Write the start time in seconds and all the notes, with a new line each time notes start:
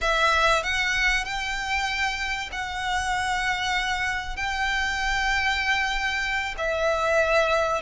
0.01 E5
0.62 F#5
1.24 G5
2.51 F#5
4.36 G5
6.57 E5